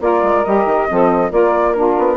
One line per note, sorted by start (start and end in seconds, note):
0.00 0.23 A#3
0.00 0.44 F4
0.00 0.90 A#4
0.00 0.45 D5
0.23 0.45 G#3
0.45 0.65 G3
0.45 0.89 G4
0.45 1.32 D#5
0.65 0.87 D#3
0.89 1.32 F3
0.89 1.31 C4
0.89 1.32 A4
1.31 1.97 A#3
1.31 1.74 F4
1.31 1.76 A#4
1.31 1.73 D5
1.73 2.17 D4
1.73 2.17 F4
1.73 2.17 A#4
1.99 2.17 B3